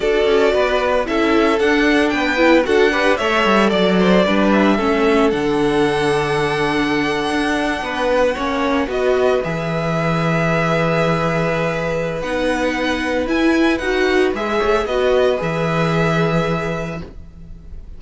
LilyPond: <<
  \new Staff \with { instrumentName = "violin" } { \time 4/4 \tempo 4 = 113 d''2 e''4 fis''4 | g''4 fis''4 e''4 d''4~ | d''8 e''4. fis''2~ | fis''1~ |
fis''8. dis''4 e''2~ e''16~ | e''2. fis''4~ | fis''4 gis''4 fis''4 e''4 | dis''4 e''2. | }
  \new Staff \with { instrumentName = "violin" } { \time 4/4 a'4 b'4 a'2 | b'4 a'8 b'8 cis''4 d''8 c''8 | b'4 a'2.~ | a'2~ a'8. b'4 cis''16~ |
cis''8. b'2.~ b'16~ | b'1~ | b'2.~ b'8 cis''8 | b'1 | }
  \new Staff \with { instrumentName = "viola" } { \time 4/4 fis'2 e'4 d'4~ | d'8 e'8 fis'8 g'8 a'2 | d'4 cis'4 d'2~ | d'2.~ d'8. cis'16~ |
cis'8. fis'4 gis'2~ gis'16~ | gis'2. dis'4~ | dis'4 e'4 fis'4 gis'4 | fis'4 gis'2. | }
  \new Staff \with { instrumentName = "cello" } { \time 4/4 d'8 cis'8 b4 cis'4 d'4 | b4 d'4 a8 g8 fis4 | g4 a4 d2~ | d4.~ d16 d'4 b4 ais16~ |
ais8. b4 e2~ e16~ | e2. b4~ | b4 e'4 dis'4 gis8 a8 | b4 e2. | }
>>